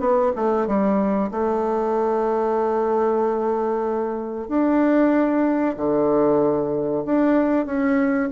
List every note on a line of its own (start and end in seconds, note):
0.00 0.32 B3
0.36 0.67 A3
0.67 1.31 G3
1.31 4.49 A3
4.49 5.76 D4
5.77 7.04 D3
7.06 7.66 D4
7.66 8.30 C#4